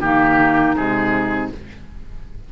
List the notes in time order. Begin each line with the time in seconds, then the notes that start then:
0.00 D#3 A#3 D#4 G4
0.75 C3 G#3 G#4